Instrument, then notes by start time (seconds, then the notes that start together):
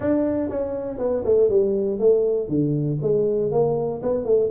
tuba
0.00 D4
0.49 C#4
0.98 B3
1.24 A3
1.49 G3
1.99 A3
2.48 D3
3.02 G#3
3.51 A#3
4.02 B3
4.24 A3